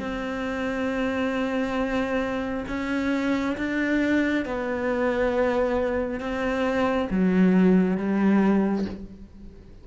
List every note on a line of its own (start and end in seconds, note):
0.00 2.65 C4
2.69 3.57 C#4
3.57 4.46 D4
4.46 6.20 B3
6.20 7.09 C4
7.11 7.98 F#3
7.98 8.86 G3